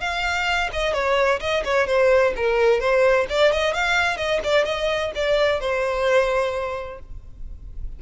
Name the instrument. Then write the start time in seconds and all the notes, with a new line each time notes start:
violin
0.00 F5
0.73 D#5
0.93 C#5
1.40 D#5
1.65 C#5
1.87 C5
2.36 A#4
2.80 C5
3.29 D5
3.52 D#5
3.74 F5
4.17 D#5
4.44 D5
4.65 D#5
5.15 D5
5.60 C5